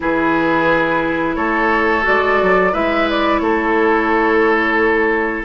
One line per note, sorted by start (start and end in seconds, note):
0.00 1.36 E3
0.00 2.03 E4
0.00 1.36 G#4
0.00 1.35 B4
1.35 2.04 A3
1.35 2.72 A4
1.35 2.03 C#5
2.03 2.41 G#3
2.03 2.71 F#4
2.03 2.74 D5
2.41 2.73 F#3
2.72 3.40 G#3
2.72 5.44 E4
2.72 3.40 B4
2.72 3.08 E5
3.09 3.38 D5
3.38 5.44 A3
3.38 5.44 A4
3.38 5.43 C#5